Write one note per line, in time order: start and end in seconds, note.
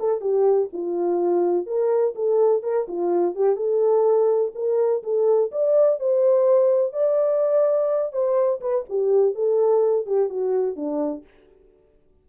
0.00 0.22 A4
0.22 0.70 G4
0.73 1.67 F4
1.67 2.15 A#4
2.16 2.63 A4
2.63 2.87 A#4
2.89 3.36 F4
3.36 3.57 G4
3.57 4.53 A4
4.55 5.03 A#4
5.04 5.52 A4
5.52 6.00 D5
6.00 6.93 C5
6.93 8.13 D5
8.13 8.61 C5
8.61 8.85 B4
8.90 9.35 G4
9.35 10.07 A4
10.07 10.30 G4
10.30 10.77 F#4
10.77 11.25 D4